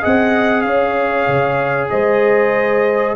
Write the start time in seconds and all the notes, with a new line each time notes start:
0.00 C4 G#4 D#5 F#5
0.61 C#4 C#5 F5
1.27 C#3
1.90 G#3 C5 D#5